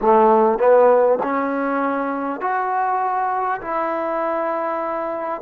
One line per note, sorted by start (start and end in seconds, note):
0.01 0.58 A3
0.58 1.18 B3
1.22 2.40 C#4
2.40 3.60 F#4
3.61 5.41 E4